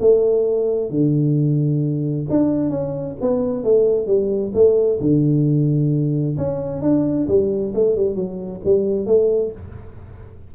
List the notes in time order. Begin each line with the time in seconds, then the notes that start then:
0.00 A3
0.90 D3
2.30 D4
2.70 C#4
3.21 B3
3.64 A3
4.07 G3
4.54 A3
5.01 D3
6.37 C#4
6.82 D4
7.28 G3
7.75 A3
7.96 G3
8.15 F#3
8.65 G3
9.06 A3